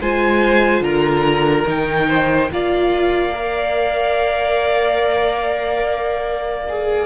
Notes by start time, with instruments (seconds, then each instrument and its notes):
0.00 cello G#3, viola F4, violin C5 G#5
0.81 cello D3, violin A#4 A#5
1.67 cello D#3, viola D#4, violin G5
2.09 violin C5
2.51 cello A#3, viola F4, violin D5 F5
3.33 viola A#4
6.69 viola G#4